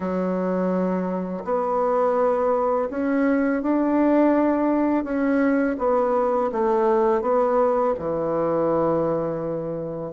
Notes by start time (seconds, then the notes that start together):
0.00 F#3
1.44 B3
2.90 C#4
3.62 D4
5.04 C#4
5.78 B3
6.52 A3
7.21 B3
7.98 E3